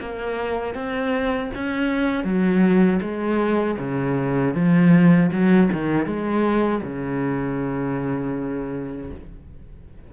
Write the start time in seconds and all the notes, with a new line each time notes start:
0.00 A#3
0.75 C4
1.55 C#4
2.24 F#3
3.02 G#3
3.79 C#3
4.55 F3
5.32 F#3
5.73 D#3
6.06 G#3
6.83 C#3